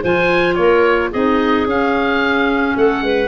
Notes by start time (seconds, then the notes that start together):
0.00 F3 F4 C5 G#5
0.54 A#3 A#4 C#5
1.11 C4 D#4 G#4 D#5
1.65 C#4 F5
2.76 A3 A4 F#5
3.01 G#3 B4